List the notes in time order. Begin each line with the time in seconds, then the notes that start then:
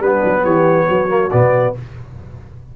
0.00 G3 B3 D4 B4
0.24 F#3
0.43 E3 G4 C#5
0.88 F#3 F#4
1.08 A#3
1.31 B2 B3 D5